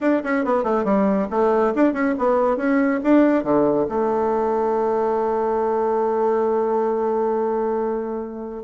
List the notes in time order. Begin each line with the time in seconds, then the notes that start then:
0.01 D4
0.23 C#4
0.44 B3
0.63 A3
0.84 G3
1.30 A3
1.75 D4
1.93 C#4
2.18 B3
2.56 C#4
3.03 D4
3.43 D3
3.88 A3